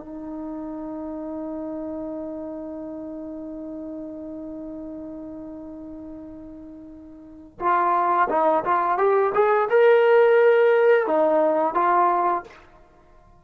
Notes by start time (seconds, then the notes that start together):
0.00 D#4
7.60 F4
8.29 D#4
8.65 F4
8.98 G4
9.34 G#4
9.70 A#4
11.07 D#4
11.74 F4